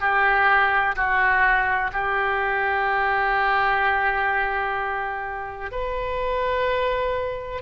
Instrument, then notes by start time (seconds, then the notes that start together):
oboe
0.00 G4
0.96 F#4
1.93 G4
5.71 B4